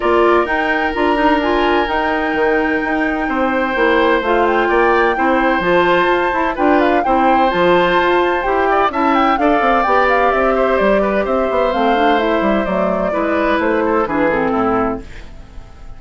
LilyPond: <<
  \new Staff \with { instrumentName = "flute" } { \time 4/4 \tempo 4 = 128 d''4 g''4 ais''4 gis''4 | g''1~ | g''4 f''8 g''2~ g''8 | a''2 g''8 f''8 g''4 |
a''2 g''4 a''8 g''8 | f''4 g''8 f''8 e''4 d''4 | e''4 f''4 e''4 d''4~ | d''4 c''4 b'8 a'4. | }
  \new Staff \with { instrumentName = "oboe" } { \time 4/4 ais'1~ | ais'2. c''4~ | c''2 d''4 c''4~ | c''2 b'4 c''4~ |
c''2~ c''8 d''8 e''4 | d''2~ d''8 c''4 b'8 | c''1 | b'4. a'8 gis'4 e'4 | }
  \new Staff \with { instrumentName = "clarinet" } { \time 4/4 f'4 dis'4 f'8 dis'8 f'4 | dis'1 | e'4 f'2 e'4 | f'4. e'8 f'4 e'4 |
f'2 g'4 e'4 | a'4 g'2.~ | g'4 c'8 d'8 e'4 a4 | e'2 d'8 c'4. | }
  \new Staff \with { instrumentName = "bassoon" } { \time 4/4 ais4 dis'4 d'2 | dis'4 dis4 dis'4 c'4 | ais4 a4 ais4 c'4 | f4 f'8 e'8 d'4 c'4 |
f4 f'4 e'4 cis'4 | d'8 c'8 b4 c'4 g4 | c'8 b8 a4. g8 fis4 | gis4 a4 e4 a,4 | }
>>